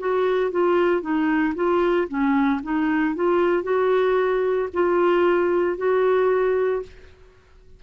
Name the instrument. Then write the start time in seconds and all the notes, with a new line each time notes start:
clarinet
0.00 F#4
0.51 F4
1.02 D#4
1.56 F4
2.09 C#4
2.64 D#4
3.15 F4
3.64 F#4
4.74 F4
5.78 F#4